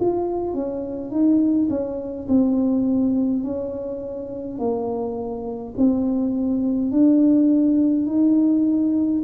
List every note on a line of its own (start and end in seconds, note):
0.00 0.53 F4
0.53 1.10 C#4
1.10 1.68 D#4
1.69 2.27 C#4
2.28 3.43 C4
3.43 4.58 C#4
4.58 5.74 A#3
5.76 6.91 C4
6.91 8.06 D4
8.06 9.22 D#4